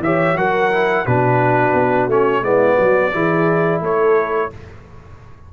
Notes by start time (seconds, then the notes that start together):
0.00 E3 G4 C#5 E5
0.35 F#3 F#4 A#4 F#5
0.71 E4
1.05 B2 D4 F#4 B4
1.74 B3
2.08 A3 C#4 C#5
2.42 G#3 B3 E4 D5
2.76 F#3 F#4
3.12 E3 E4 G#4
3.81 A3 A4 C#5